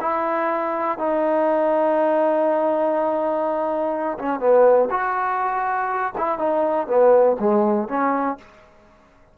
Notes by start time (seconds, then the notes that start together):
0.00 E4
0.98 D#4
4.18 C#4
4.39 B3
4.90 F#4
6.17 E4
6.38 D#4
6.87 B3
7.39 G#3
7.88 C#4